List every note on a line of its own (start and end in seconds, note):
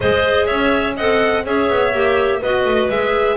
0.00 0.50 G#3
0.00 0.95 G#4
0.00 0.46 C5
0.00 0.46 D#5
0.46 0.98 C#4
0.46 0.94 C#5
0.46 0.94 E5
0.96 1.45 C4
0.96 1.44 A4
0.96 1.44 D#5
0.96 1.45 F#5
1.44 1.69 C#4
1.44 1.92 G#4
1.44 2.40 C#5
1.44 2.42 E5
1.69 1.93 B3
1.93 2.41 A#3
1.93 2.41 G4
2.40 2.64 B3
2.40 2.91 F#4
2.40 3.37 B4
2.40 2.90 D#5
2.64 2.89 A3
2.89 3.37 G#3
2.89 3.37 G#4
2.89 3.37 E5